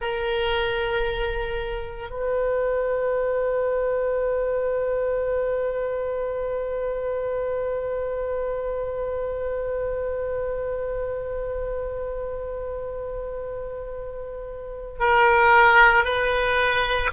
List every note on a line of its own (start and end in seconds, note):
0.01 2.10 A#4
2.10 14.99 B4
14.99 16.04 A#4
16.04 17.10 B4